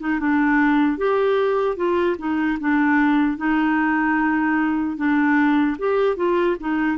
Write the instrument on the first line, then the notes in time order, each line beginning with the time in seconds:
clarinet
0.00 D#4
0.20 D4
0.98 G4
1.76 F4
2.19 D#4
2.60 D4
3.37 D#4
4.97 D4
5.79 G4
6.16 F4
6.60 D#4